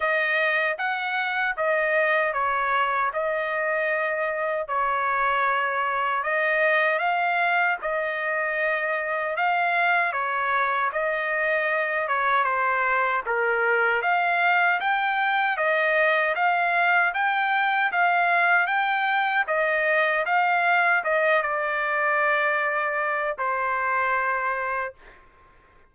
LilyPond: \new Staff \with { instrumentName = "trumpet" } { \time 4/4 \tempo 4 = 77 dis''4 fis''4 dis''4 cis''4 | dis''2 cis''2 | dis''4 f''4 dis''2 | f''4 cis''4 dis''4. cis''8 |
c''4 ais'4 f''4 g''4 | dis''4 f''4 g''4 f''4 | g''4 dis''4 f''4 dis''8 d''8~ | d''2 c''2 | }